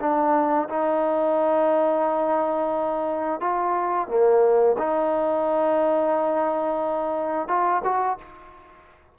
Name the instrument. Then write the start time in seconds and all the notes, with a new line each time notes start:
trombone
0.00 D4
0.69 D#4
3.40 F4
4.08 A#3
4.78 D#4
7.48 F4
7.84 F#4